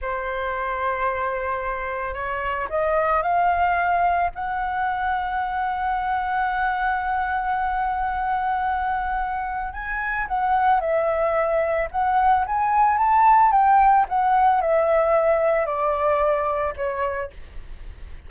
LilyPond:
\new Staff \with { instrumentName = "flute" } { \time 4/4 \tempo 4 = 111 c''1 | cis''4 dis''4 f''2 | fis''1~ | fis''1~ |
fis''2 gis''4 fis''4 | e''2 fis''4 gis''4 | a''4 g''4 fis''4 e''4~ | e''4 d''2 cis''4 | }